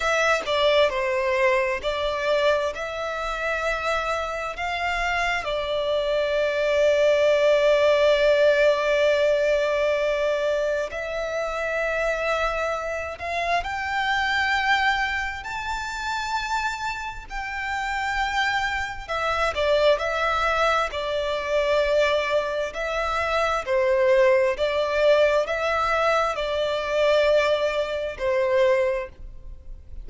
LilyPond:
\new Staff \with { instrumentName = "violin" } { \time 4/4 \tempo 4 = 66 e''8 d''8 c''4 d''4 e''4~ | e''4 f''4 d''2~ | d''1 | e''2~ e''8 f''8 g''4~ |
g''4 a''2 g''4~ | g''4 e''8 d''8 e''4 d''4~ | d''4 e''4 c''4 d''4 | e''4 d''2 c''4 | }